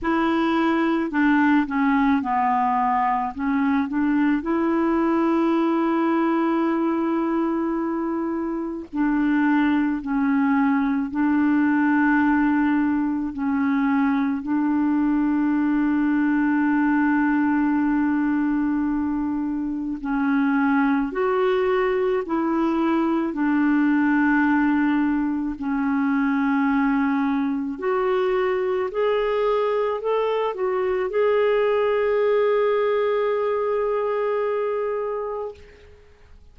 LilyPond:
\new Staff \with { instrumentName = "clarinet" } { \time 4/4 \tempo 4 = 54 e'4 d'8 cis'8 b4 cis'8 d'8 | e'1 | d'4 cis'4 d'2 | cis'4 d'2.~ |
d'2 cis'4 fis'4 | e'4 d'2 cis'4~ | cis'4 fis'4 gis'4 a'8 fis'8 | gis'1 | }